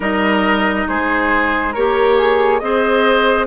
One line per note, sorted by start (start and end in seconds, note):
0.00 0.85 G3
0.00 1.73 D#4
0.00 0.87 A#4
0.00 0.88 D#5
0.87 1.75 G#3
0.87 1.74 G#4
0.87 1.72 C5
1.72 2.61 A#3
1.72 2.61 G4
1.72 2.16 A#4
1.72 2.61 C#5
2.17 2.58 G#4
2.58 3.46 C4
2.58 3.46 G#4
2.58 3.46 C5
2.58 3.45 D#5